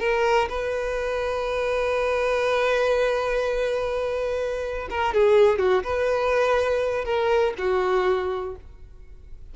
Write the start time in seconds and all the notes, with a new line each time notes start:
0.00 A#4
0.49 B4
4.90 A#4
5.14 G#4
5.59 F#4
5.84 B4
7.05 A#4
7.58 F#4